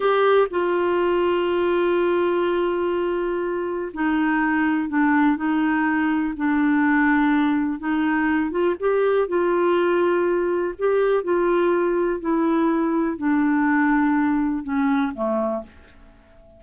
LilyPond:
\new Staff \with { instrumentName = "clarinet" } { \time 4/4 \tempo 4 = 123 g'4 f'2.~ | f'1 | dis'2 d'4 dis'4~ | dis'4 d'2. |
dis'4. f'8 g'4 f'4~ | f'2 g'4 f'4~ | f'4 e'2 d'4~ | d'2 cis'4 a4 | }